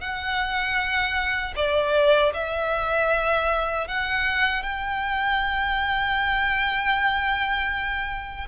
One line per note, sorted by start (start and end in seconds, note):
0.00 1.54 F#5
1.56 2.33 D5
2.33 3.87 E5
3.87 4.63 F#5
4.63 8.47 G5